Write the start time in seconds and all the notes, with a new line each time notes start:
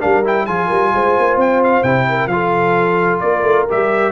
0.00 G3 D4 A#4 F5
0.24 E4 G5
0.46 F3 F4 G#4 G#5
0.67 G3 A#4
0.94 G#3 C5
1.19 A#3
1.36 C4 G5
1.63 F5
1.83 C3 E4 G5
2.09 A#4
2.27 F3 F4 F5
2.33 A4
3.20 A#3 A#4 D5
3.42 A3
3.69 G3 G4 E5